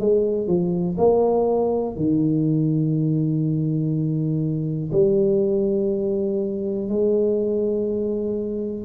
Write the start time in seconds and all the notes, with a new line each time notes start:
0.00 G#3
0.47 F3
0.98 A#3
1.96 D#3
4.92 G3
6.89 G#3